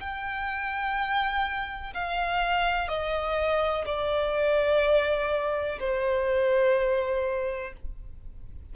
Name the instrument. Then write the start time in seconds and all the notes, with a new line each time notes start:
violin
0.00 G5
1.94 F5
2.88 D#5
3.85 D5
5.79 C5